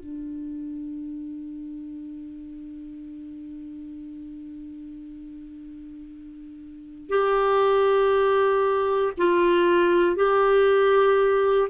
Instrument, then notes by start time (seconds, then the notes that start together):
clarinet
0.00 D4
7.10 G4
9.18 F4
10.16 G4